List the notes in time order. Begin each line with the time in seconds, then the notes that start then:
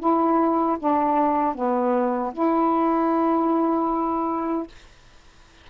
0.00 E4
0.80 D4
1.55 B3
2.34 E4